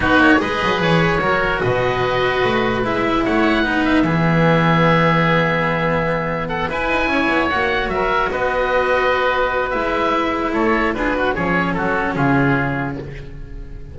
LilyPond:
<<
  \new Staff \with { instrumentName = "oboe" } { \time 4/4 \tempo 4 = 148 b'8 cis''8 dis''4 cis''2 | dis''2. e''4 | fis''4. e''2~ e''8~ | e''1 |
fis''8 gis''2 fis''4 e''8~ | e''8 dis''2.~ dis''8 | e''2 cis''4 b'4 | cis''4 a'4 gis'2 | }
  \new Staff \with { instrumentName = "oboe" } { \time 4/4 fis'4 b'2 ais'4 | b'1 | cis''4 b'4 gis'2~ | gis'1 |
a'8 b'4 cis''2 ais'8~ | ais'8 b'2.~ b'8~ | b'2 a'4 gis'8 fis'8 | gis'4 fis'4 f'2 | }
  \new Staff \with { instrumentName = "cello" } { \time 4/4 dis'4 gis'2 fis'4~ | fis'2. e'4~ | e'4 dis'4 b2~ | b1~ |
b8 e'2 fis'4.~ | fis'1 | e'2. f'8 fis'8 | cis'1 | }
  \new Staff \with { instrumentName = "double bass" } { \time 4/4 b8 ais8 gis8 fis8 e4 fis4 | b,2 a4 gis4 | a4 b4 e2~ | e1~ |
e8 e'8 dis'8 cis'8 b8 ais4 fis8~ | fis8 b2.~ b8 | gis2 a4 d'4 | f4 fis4 cis2 | }
>>